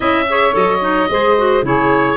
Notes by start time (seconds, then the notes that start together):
0.00 C#4 E4 D#5 E5
0.29 G#4 C#5
0.51 F#3 A4 D#5
0.81 D#4
1.09 G#3 G#4 C5
1.37 F#4
1.62 C#3 E4 G#4 C#5